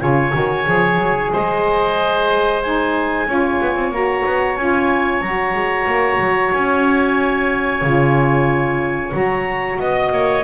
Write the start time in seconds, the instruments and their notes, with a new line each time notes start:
0.00 double bass C#3, saxophone F4, oboe C#5, clarinet G#5
0.33 double bass D#3, saxophone F#4
0.66 double bass F3, saxophone G#4
0.99 double bass F#3
1.33 double bass G#3, oboe C5, clarinet D#5
2.63 saxophone D#4, clarinet G#5
3.27 double bass C#4, saxophone F4, oboe C#5
3.61 double bass B3
3.76 double bass C4
3.91 double bass A#3, saxophone F#4, clarinet A#5
4.26 double bass B3
4.57 double bass C#4, saxophone F4, clarinet G#5
5.22 double bass F#3, saxophone F#4, clarinet A#5
5.54 double bass G#3
5.87 double bass A#3
6.20 double bass F#3
6.52 double bass C#4, clarinet G#5
7.82 double bass C#3, saxophone F4
9.12 double bass F#3, saxophone F#4, clarinet A#5
9.80 double bass B3, oboe D#5, clarinet D#5
10.12 double bass A#3, oboe C#5